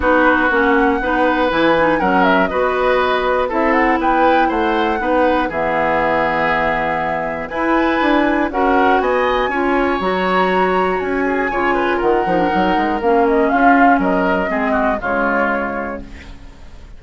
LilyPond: <<
  \new Staff \with { instrumentName = "flute" } { \time 4/4 \tempo 4 = 120 b'4 fis''2 gis''4 | fis''8 e''8 dis''2 e''8 fis''8 | g''4 fis''2 e''4~ | e''2. gis''4~ |
gis''4 fis''4 gis''2 | ais''2 gis''2 | fis''2 f''8 dis''8 f''4 | dis''2 cis''2 | }
  \new Staff \with { instrumentName = "oboe" } { \time 4/4 fis'2 b'2 | ais'4 b'2 a'4 | b'4 c''4 b'4 gis'4~ | gis'2. b'4~ |
b'4 ais'4 dis''4 cis''4~ | cis''2~ cis''8 gis'8 cis''8 b'8 | ais'2. f'4 | ais'4 gis'8 fis'8 f'2 | }
  \new Staff \with { instrumentName = "clarinet" } { \time 4/4 dis'4 cis'4 dis'4 e'8 dis'8 | cis'4 fis'2 e'4~ | e'2 dis'4 b4~ | b2. e'4~ |
e'4 fis'2 f'4 | fis'2. f'4~ | f'8 dis'16 d'16 dis'4 cis'2~ | cis'4 c'4 gis2 | }
  \new Staff \with { instrumentName = "bassoon" } { \time 4/4 b4 ais4 b4 e4 | fis4 b2 c'4 | b4 a4 b4 e4~ | e2. e'4 |
d'4 cis'4 b4 cis'4 | fis2 cis'4 cis4 | dis8 f8 fis8 gis8 ais4 cis'4 | fis4 gis4 cis2 | }
>>